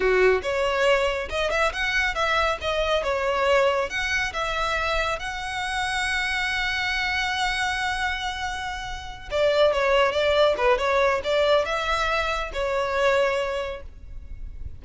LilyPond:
\new Staff \with { instrumentName = "violin" } { \time 4/4 \tempo 4 = 139 fis'4 cis''2 dis''8 e''8 | fis''4 e''4 dis''4 cis''4~ | cis''4 fis''4 e''2 | fis''1~ |
fis''1~ | fis''4. d''4 cis''4 d''8~ | d''8 b'8 cis''4 d''4 e''4~ | e''4 cis''2. | }